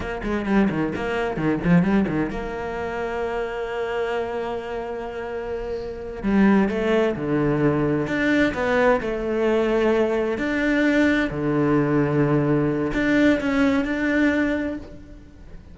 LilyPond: \new Staff \with { instrumentName = "cello" } { \time 4/4 \tempo 4 = 130 ais8 gis8 g8 dis8 ais4 dis8 f8 | g8 dis8 ais2.~ | ais1~ | ais4. g4 a4 d8~ |
d4. d'4 b4 a8~ | a2~ a8 d'4.~ | d'8 d2.~ d8 | d'4 cis'4 d'2 | }